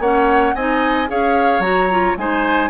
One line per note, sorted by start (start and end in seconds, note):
0.00 0.54 A#3
0.00 0.57 C#4
0.00 0.55 C#5
0.00 0.55 F#5
0.55 1.09 C4
0.55 1.09 D#4
0.55 1.10 D#5
0.55 1.09 G#5
1.09 1.60 C#4
1.09 1.63 G#4
1.09 2.18 C#5
1.09 1.62 F5
1.60 2.14 F#3
1.60 1.90 F#4
1.60 2.16 A#5
1.91 2.18 F4
2.17 2.70 G#3
2.17 2.70 D#4
2.17 2.70 C5
2.17 2.70 G#5